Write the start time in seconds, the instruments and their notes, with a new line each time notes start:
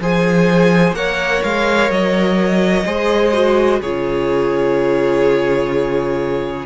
0.00 cello F3, viola G#4, violin C5 G#5
0.92 cello A#3, viola A#4, violin C#5 F#5
1.43 cello G#3, violin F5
1.89 cello F#3, violin D#5
2.85 cello G#3, viola G#4, violin C5
3.33 viola F#4
3.80 cello C#3, viola F4, violin G#4 C#5